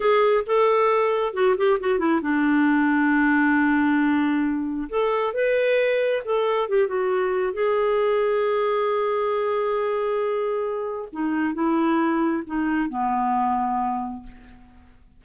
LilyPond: \new Staff \with { instrumentName = "clarinet" } { \time 4/4 \tempo 4 = 135 gis'4 a'2 fis'8 g'8 | fis'8 e'8 d'2.~ | d'2. a'4 | b'2 a'4 g'8 fis'8~ |
fis'4 gis'2.~ | gis'1~ | gis'4 dis'4 e'2 | dis'4 b2. | }